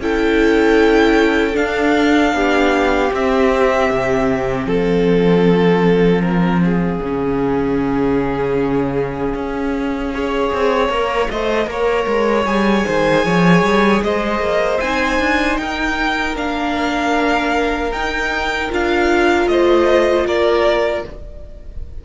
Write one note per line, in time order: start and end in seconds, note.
0.00 1.56 C#4
0.00 1.54 E4
0.00 2.35 A4
0.00 1.56 G5
1.54 3.10 D4
1.54 2.33 D4
1.54 3.12 F5
2.33 3.11 B3
2.33 4.68 G4
3.11 7.00 C4
3.11 3.91 C4
3.11 4.69 E5
3.91 4.66 C3
4.66 7.00 F3
4.66 6.22 A4
4.66 12.46 F5
6.22 6.61 A#4
6.65 10.15 G#4
7.01 9.34 C#3
7.01 10.14 C#4
9.35 10.51 C#4
10.14 10.90 G#4
10.14 11.31 C#5
10.53 10.89 C4
10.89 11.28 A#3
10.89 11.29 A#4
11.31 11.67 A3
11.31 11.66 C5
11.31 11.69 D#5
11.66 12.06 A#3
11.66 12.44 A#4
11.66 12.87 C#5
12.07 12.46 G#3
12.46 12.85 G3
12.46 14.81 G#4
12.46 14.02 G#5
12.87 13.25 D#3
12.87 13.25 C5
13.25 13.63 F3
13.25 14.03 C#5
13.63 14.02 G3
14.03 14.40 G#3
14.03 15.61 C5
14.03 14.81 D#5
14.40 14.79 A#3
14.81 15.19 C4
14.81 16.36 D#4
14.81 15.57 G#5
15.19 15.58 D4
15.57 16.36 D#4
15.57 19.51 A#4
15.57 16.35 G5
16.36 17.92 A#3
16.36 17.92 D4
16.36 17.92 F5
17.92 18.70 D#4
17.92 18.71 D#4
17.92 18.70 G5
18.71 19.47 D4
18.71 21.05 F4
18.71 19.48 F5
19.47 20.25 A3
19.47 20.27 C5
19.47 20.26 D#5
20.27 21.05 A#3
20.27 21.05 A#4
20.27 21.06 D5